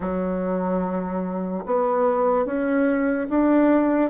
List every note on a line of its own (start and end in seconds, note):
0.00 1.64 F#3
1.65 2.45 B3
2.45 3.27 C#4
3.29 4.10 D4